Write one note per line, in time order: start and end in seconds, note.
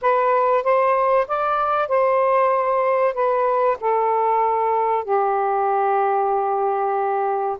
0.01 0.63 B4
0.63 1.26 C5
1.27 1.88 D5
1.88 3.14 C5
3.14 3.77 B4
3.80 5.04 A4
5.04 7.57 G4